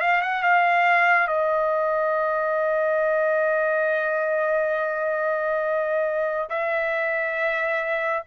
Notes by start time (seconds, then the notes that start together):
0.00 F5
0.21 F#5
0.42 F5
1.27 D#5
6.49 E5